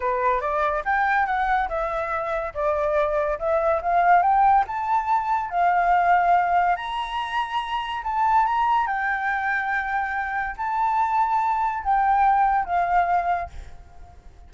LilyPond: \new Staff \with { instrumentName = "flute" } { \time 4/4 \tempo 4 = 142 b'4 d''4 g''4 fis''4 | e''2 d''2 | e''4 f''4 g''4 a''4~ | a''4 f''2. |
ais''2. a''4 | ais''4 g''2.~ | g''4 a''2. | g''2 f''2 | }